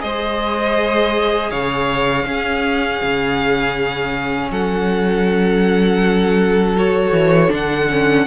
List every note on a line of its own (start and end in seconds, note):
0.00 1.52 G#3
0.00 2.25 G#4
0.00 1.51 C5
0.00 1.51 D#5
1.51 2.26 C#3
1.51 2.26 C#5
1.51 4.51 F5
2.26 3.01 C#4
2.26 6.77 C#4
2.26 4.51 G#4
3.04 4.51 C#3
4.51 7.12 F#3
4.51 8.26 A4
4.51 6.77 F#5
6.77 7.48 F#4
6.77 7.53 C#5
7.12 7.49 E3
7.48 8.27 D3
7.48 7.86 D4
7.55 8.27 F#5
7.91 8.27 C#4